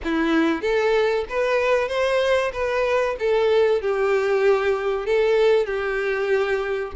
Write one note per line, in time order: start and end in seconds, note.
0.03 0.61 E4
0.61 1.25 A4
1.29 1.88 B4
1.88 2.51 C5
2.52 3.16 B4
3.19 3.81 A4
3.81 5.06 G4
5.06 5.66 A4
5.66 6.92 G4